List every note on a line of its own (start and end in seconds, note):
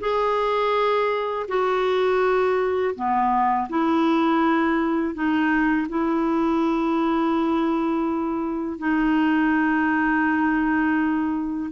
0.00 1.46 G#4
1.48 2.94 F#4
2.95 3.68 B3
3.69 5.14 E4
5.14 5.87 D#4
5.89 8.78 E4
8.78 11.71 D#4